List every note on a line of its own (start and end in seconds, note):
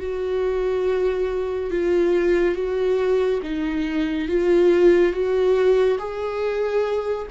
0.00 1.71 F#4
1.71 2.55 F4
2.55 3.41 F#4
3.43 4.28 D#4
4.28 5.13 F4
5.13 5.98 F#4
5.98 7.27 G#4